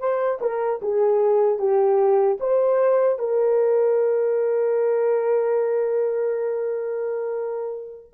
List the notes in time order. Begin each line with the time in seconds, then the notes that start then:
0.00 C5
0.41 A#4
0.82 G#4
1.59 G4
2.40 C5
3.19 A#4